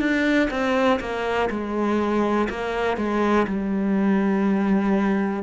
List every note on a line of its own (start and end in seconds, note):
0.00 0.49 D4
0.51 1.00 C4
1.00 1.49 A#3
1.50 2.49 G#3
2.49 2.97 A#3
2.97 3.46 G#3
3.47 5.43 G3